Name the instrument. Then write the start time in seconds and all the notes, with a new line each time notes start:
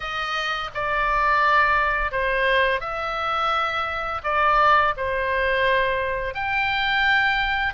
oboe
0.00 D#5
0.74 D5
2.11 C5
2.80 E5
4.24 D5
4.96 C5
6.34 G5